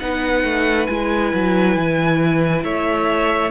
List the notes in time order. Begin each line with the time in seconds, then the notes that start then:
0.00 B3 D#4 B4 F#5
0.44 A3
0.87 G#3 E4 G#5
1.34 F#3
1.76 E3
2.64 A3 C#5 E5